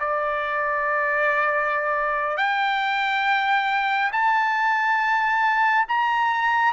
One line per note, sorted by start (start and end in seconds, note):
0.00 2.38 D5
2.38 4.11 G5
4.12 5.86 A5
5.89 6.73 A#5